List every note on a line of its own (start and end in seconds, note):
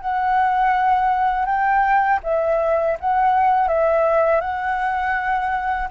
0.00 1.45 F#5
1.45 2.19 G5
2.23 2.97 E5
3.00 3.68 F#5
3.68 4.40 E5
4.40 5.89 F#5